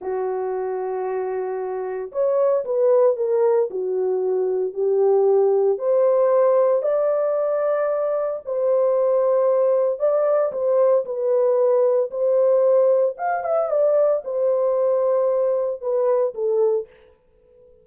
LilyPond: \new Staff \with { instrumentName = "horn" } { \time 4/4 \tempo 4 = 114 fis'1 | cis''4 b'4 ais'4 fis'4~ | fis'4 g'2 c''4~ | c''4 d''2. |
c''2. d''4 | c''4 b'2 c''4~ | c''4 f''8 e''8 d''4 c''4~ | c''2 b'4 a'4 | }